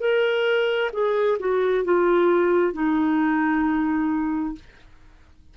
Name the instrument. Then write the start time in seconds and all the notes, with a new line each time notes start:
clarinet
0.00 A#4
0.93 G#4
1.40 F#4
1.85 F4
2.74 D#4